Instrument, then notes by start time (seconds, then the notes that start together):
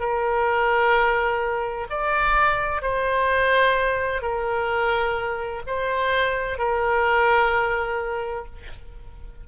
oboe
0.00 A#4
1.90 D5
2.82 C5
4.22 A#4
5.67 C5
6.58 A#4